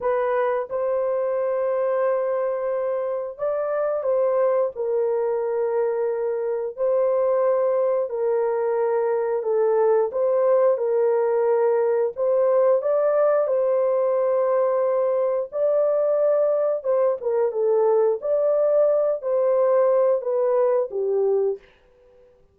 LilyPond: \new Staff \with { instrumentName = "horn" } { \time 4/4 \tempo 4 = 89 b'4 c''2.~ | c''4 d''4 c''4 ais'4~ | ais'2 c''2 | ais'2 a'4 c''4 |
ais'2 c''4 d''4 | c''2. d''4~ | d''4 c''8 ais'8 a'4 d''4~ | d''8 c''4. b'4 g'4 | }